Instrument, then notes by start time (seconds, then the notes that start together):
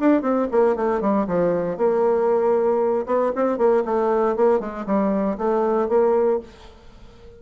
bassoon
0.00 D4
0.22 C4
0.52 A#3
0.76 A3
1.01 G3
1.28 F3
1.78 A#3
3.06 B3
3.36 C4
3.58 A#3
3.85 A3
4.37 A#3
4.60 G#3
4.86 G3
5.38 A3
5.89 A#3